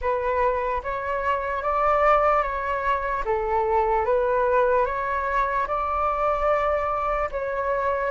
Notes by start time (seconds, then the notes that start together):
0.01 B4
0.83 C#5
1.62 D5
2.42 C#5
3.25 A4
4.05 B4
4.85 C#5
5.67 D5
7.31 C#5